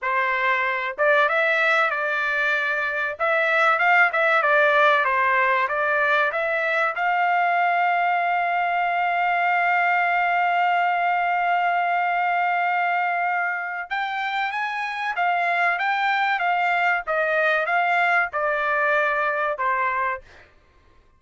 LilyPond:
\new Staff \with { instrumentName = "trumpet" } { \time 4/4 \tempo 4 = 95 c''4. d''8 e''4 d''4~ | d''4 e''4 f''8 e''8 d''4 | c''4 d''4 e''4 f''4~ | f''1~ |
f''1~ | f''2 g''4 gis''4 | f''4 g''4 f''4 dis''4 | f''4 d''2 c''4 | }